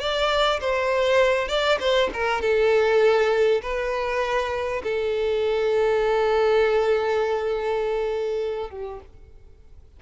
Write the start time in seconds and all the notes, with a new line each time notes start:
0.00 D5
0.61 C5
1.49 D5
1.80 C5
2.14 A#4
2.42 A4
3.62 B4
4.84 A4
8.70 G4